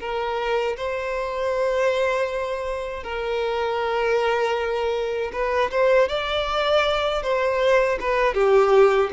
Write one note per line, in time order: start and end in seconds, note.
0.00 0.76 A#4
0.76 3.03 C5
3.03 5.31 A#4
5.32 5.70 B4
5.70 6.08 C5
6.08 7.22 D5
7.22 7.98 C5
8.00 8.34 B4
8.34 9.10 G4